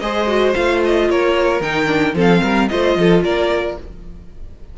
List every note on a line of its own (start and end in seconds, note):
0.00 0.55 G#3
0.00 0.28 G#4
0.00 1.09 C5
0.00 0.54 D#5
0.28 0.54 F#4
0.54 1.10 A3
0.54 1.62 F4
0.54 0.82 F5
0.86 1.11 D#5
1.10 1.61 A#3
1.10 2.16 A#4
1.10 1.62 C#5
1.61 2.15 D#3
1.61 1.87 D#4
1.61 2.16 G5
1.87 2.14 D4
2.15 2.41 F3
2.15 2.69 C4
2.15 2.42 A4
2.21 2.69 F5
2.42 2.70 G3
2.42 2.69 A#4
2.69 2.96 A3
2.69 3.78 F4
2.69 2.99 C5
2.69 3.22 D#5
2.96 3.23 F3
2.96 3.25 A4
3.24 3.78 A#3
3.24 3.78 A#4
3.24 3.78 D5